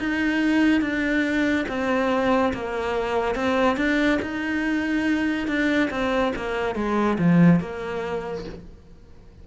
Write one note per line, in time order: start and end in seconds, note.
0.00 0.81 D#4
0.81 1.66 D4
1.69 2.54 C4
2.54 3.36 A#3
3.36 3.77 C4
3.77 4.19 D4
4.23 5.48 D#4
5.48 5.90 D4
5.91 6.33 C4
6.36 6.76 A#3
6.76 7.18 G#3
7.19 7.61 F3
7.61 8.45 A#3